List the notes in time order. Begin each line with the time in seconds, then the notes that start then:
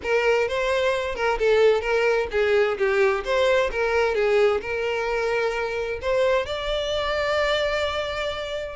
0.03 A#4
0.48 C5
1.15 A#4
1.38 A4
1.81 A#4
2.31 G#4
2.77 G4
3.24 C5
3.71 A#4
4.14 G#4
4.61 A#4
6.01 C5
6.46 D5